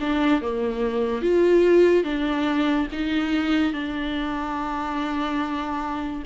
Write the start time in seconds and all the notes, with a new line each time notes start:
0.00 D4
0.41 A#3
1.22 F4
2.03 D4
2.92 D#4
3.73 D4